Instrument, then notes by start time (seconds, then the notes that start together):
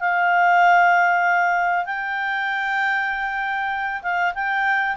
clarinet
0.00 F5
1.86 G5
4.03 F5
4.34 G5